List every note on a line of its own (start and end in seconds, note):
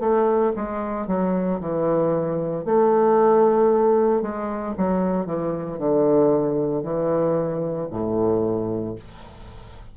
0.00 0.53 A3
0.56 1.07 G#3
1.07 1.60 F#3
1.61 2.66 E3
2.66 4.22 A3
4.22 4.75 G#3
4.78 5.26 F#3
5.26 5.78 E3
5.78 6.83 D3
6.83 7.89 E3
7.90 8.96 A2